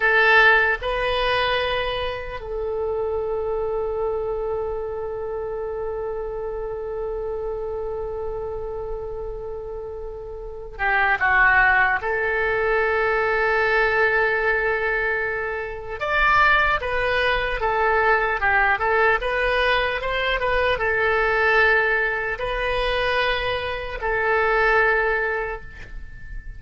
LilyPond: \new Staff \with { instrumentName = "oboe" } { \time 4/4 \tempo 4 = 75 a'4 b'2 a'4~ | a'1~ | a'1~ | a'4. g'8 fis'4 a'4~ |
a'1 | d''4 b'4 a'4 g'8 a'8 | b'4 c''8 b'8 a'2 | b'2 a'2 | }